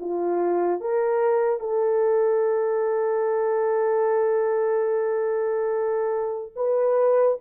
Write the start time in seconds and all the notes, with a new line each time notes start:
0.00 F4
0.81 A#4
1.60 A4
6.56 B4